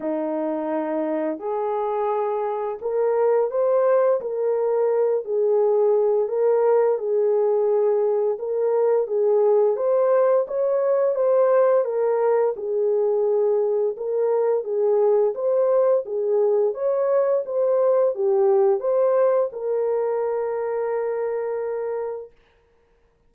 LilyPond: \new Staff \with { instrumentName = "horn" } { \time 4/4 \tempo 4 = 86 dis'2 gis'2 | ais'4 c''4 ais'4. gis'8~ | gis'4 ais'4 gis'2 | ais'4 gis'4 c''4 cis''4 |
c''4 ais'4 gis'2 | ais'4 gis'4 c''4 gis'4 | cis''4 c''4 g'4 c''4 | ais'1 | }